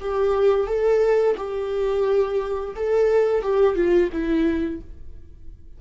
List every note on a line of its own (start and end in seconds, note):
0.00 0.67 G4
0.67 1.36 A4
1.37 2.75 G4
2.76 3.42 A4
3.42 3.75 G4
3.75 4.10 F4
4.12 4.81 E4